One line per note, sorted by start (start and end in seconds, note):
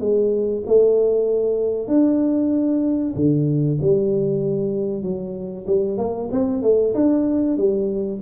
0.00 0.63 G#3
0.67 1.87 A3
1.87 3.14 D4
3.16 3.79 D3
3.81 5.03 G3
5.03 5.66 F#3
5.67 5.97 G3
5.97 6.29 A#3
6.32 6.62 C4
6.62 6.94 A3
6.94 7.57 D4
7.57 8.20 G3